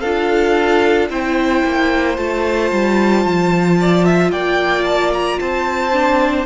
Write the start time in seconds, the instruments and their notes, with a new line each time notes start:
0.00 cello D4, viola F4, violin A4 F5
1.09 cello C4, viola E4, violin C5 G5
1.65 cello A#3
2.16 cello A3, viola F4, violin A5
2.72 cello G3
3.25 cello F3
3.80 violin D5
4.04 violin E5
4.31 cello A#3, violin D5 G5
4.84 violin A5
5.12 violin A#5
5.39 cello C4, violin C5 A5
5.92 viola D4